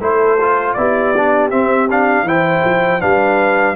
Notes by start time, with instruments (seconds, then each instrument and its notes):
0.00 tuba A3, trombone E4, horn A4, trumpet C5
0.41 trombone F4
0.73 tuba B3, trombone E4, horn G4, trumpet D5
1.17 trombone D4
1.50 trombone C4, tuba C4, trumpet E5
1.90 trombone D4, trumpet F5
2.23 tuba E3, trombone E4, horn C5, trumpet G5
2.64 tuba F3
3.00 tuba G3, trombone D4, horn B4, trumpet F5